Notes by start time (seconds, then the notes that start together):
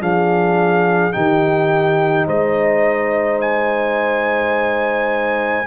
0.00 F3 D4 G#4 F5
1.11 D#3 D#4 G4 G5
2.26 G#3 C5 D#5
3.41 G#5